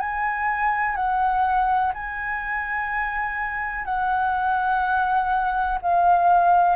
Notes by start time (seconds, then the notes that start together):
0.00 G#5
0.96 F#5
1.94 G#5
3.85 F#5
5.82 F5